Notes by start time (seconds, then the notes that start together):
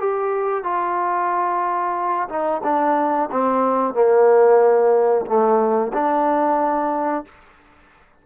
0.00 G4
0.64 F4
2.29 D#4
2.64 D4
3.32 C4
3.94 A#3
5.27 A3
5.93 D4